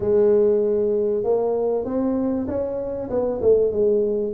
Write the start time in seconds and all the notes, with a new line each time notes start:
0.00 G#3
1.23 A#3
1.84 C4
2.47 C#4
3.10 B3
3.41 A3
3.71 G#3